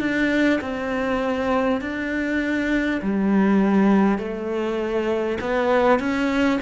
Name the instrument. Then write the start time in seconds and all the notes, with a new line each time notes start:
cello
0.00 D4
0.61 C4
1.81 D4
3.02 G3
4.18 A3
5.41 B3
5.99 C#4